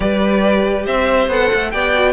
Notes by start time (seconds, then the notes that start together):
0.00 G3 G4 B4 D5
0.85 C4 C5 E5
1.28 B3 A4 F#5
1.54 A3
1.70 B3 G4 D5 G5
1.93 F#4